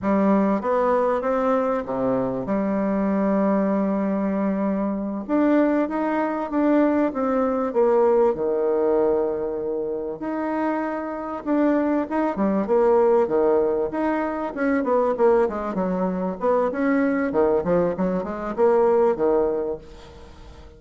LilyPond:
\new Staff \with { instrumentName = "bassoon" } { \time 4/4 \tempo 4 = 97 g4 b4 c'4 c4 | g1~ | g8 d'4 dis'4 d'4 c'8~ | c'8 ais4 dis2~ dis8~ |
dis8 dis'2 d'4 dis'8 | g8 ais4 dis4 dis'4 cis'8 | b8 ais8 gis8 fis4 b8 cis'4 | dis8 f8 fis8 gis8 ais4 dis4 | }